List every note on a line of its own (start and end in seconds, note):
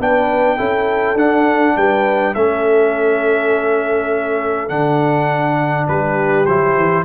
0.00 0.59 B3
0.00 0.58 D4
0.00 0.57 B4
0.00 1.19 G5
0.57 1.15 C#4
0.57 1.17 E4
0.57 1.75 A4
1.15 1.73 D4
1.15 2.35 D4
1.15 1.77 F#5
1.77 2.36 G3
1.77 2.36 B4
1.77 2.35 G5
2.35 4.70 A3
2.35 4.69 C#4
2.35 5.89 A4
2.35 4.70 E5
4.69 5.87 D3
4.69 6.46 D4
4.69 5.87 F#5
5.88 6.47 G3
5.88 7.05 G4
5.88 6.46 B4
6.46 6.76 F#3
6.46 7.05 E4
6.46 7.05 C5
6.76 7.05 E3